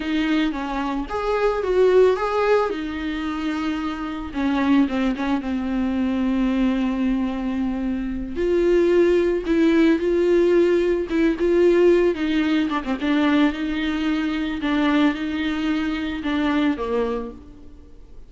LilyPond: \new Staff \with { instrumentName = "viola" } { \time 4/4 \tempo 4 = 111 dis'4 cis'4 gis'4 fis'4 | gis'4 dis'2. | cis'4 c'8 cis'8 c'2~ | c'2.~ c'8 f'8~ |
f'4. e'4 f'4.~ | f'8 e'8 f'4. dis'4 d'16 c'16 | d'4 dis'2 d'4 | dis'2 d'4 ais4 | }